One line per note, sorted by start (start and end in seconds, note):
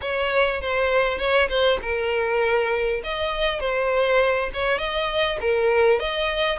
0.01 0.61 C#5
0.61 1.18 C5
1.18 1.48 C#5
1.48 1.78 C5
1.82 3.02 A#4
3.03 3.59 D#5
3.59 4.49 C5
4.53 4.78 C#5
4.78 5.38 D#5
5.40 5.99 A#4
5.99 6.58 D#5